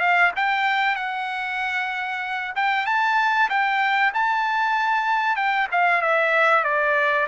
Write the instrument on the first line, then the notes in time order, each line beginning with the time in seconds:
trumpet
0.00 F5
0.36 G5
0.96 F#5
2.55 G5
2.86 A5
3.49 G5
4.14 A5
5.36 G5
5.72 F5
6.02 E5
6.64 D5